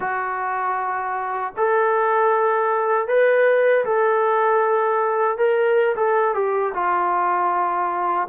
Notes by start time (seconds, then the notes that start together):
0.00 F#4
1.57 A4
3.07 B4
3.85 A4
5.37 A#4
5.95 A4
6.34 G4
6.74 F4